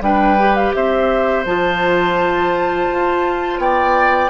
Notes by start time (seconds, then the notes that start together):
0.00 G3 D4 B4 G5
0.38 G4
0.55 F5
0.74 C4 C5 E5
1.45 F3 F4 A5
2.90 F4
3.58 B3 D5 G5